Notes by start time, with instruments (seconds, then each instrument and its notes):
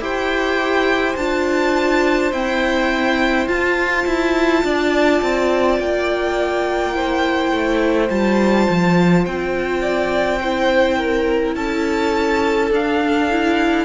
0.00 cello E4, viola G4, violin C5 G5
1.17 cello D4, viola F4, violin A5
2.32 viola C4, cello E4, violin G5
3.47 viola F4, cello F4, violin A5
4.06 cello E4
4.64 cello D4, violin D5
5.22 cello C4
5.80 cello A#3, violin G5
6.93 viola E4, violin C5
7.52 cello A3
8.09 cello G3, viola F4, violin A5
8.69 cello F3
9.26 cello C4, violin G5
9.81 violin D5
10.42 viola E4, violin C5
10.99 violin A#4
11.55 cello C#4, violin A4 A5
12.71 cello D4, viola D4, violin F5
13.30 viola E4